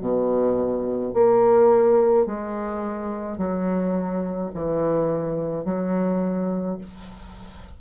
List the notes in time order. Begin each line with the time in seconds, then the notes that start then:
0.00 B2
1.13 A#3
2.26 G#3
3.38 F#3
4.54 E3
5.64 F#3